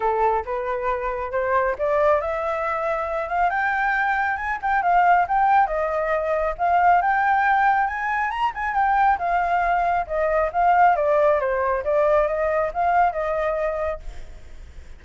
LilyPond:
\new Staff \with { instrumentName = "flute" } { \time 4/4 \tempo 4 = 137 a'4 b'2 c''4 | d''4 e''2~ e''8 f''8 | g''2 gis''8 g''8 f''4 | g''4 dis''2 f''4 |
g''2 gis''4 ais''8 gis''8 | g''4 f''2 dis''4 | f''4 d''4 c''4 d''4 | dis''4 f''4 dis''2 | }